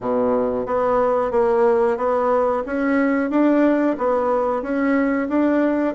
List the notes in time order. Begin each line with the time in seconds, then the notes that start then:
0.00 B2
0.66 B3
1.31 A#3
1.97 B3
2.66 C#4
3.30 D4
3.97 B3
4.62 C#4
5.28 D4